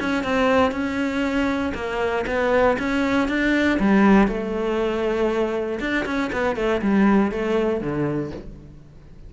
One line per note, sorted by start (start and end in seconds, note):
0.00 0.24 C#4
0.24 0.72 C4
0.72 1.73 C#4
1.74 2.25 A#3
2.27 2.77 B3
2.79 3.28 C#4
3.28 3.79 D4
3.80 4.28 G3
4.28 5.79 A3
5.80 6.05 D4
6.05 6.31 C#4
6.32 6.56 B3
6.56 6.81 A3
6.82 7.31 G3
7.31 7.81 A3
7.81 8.31 D3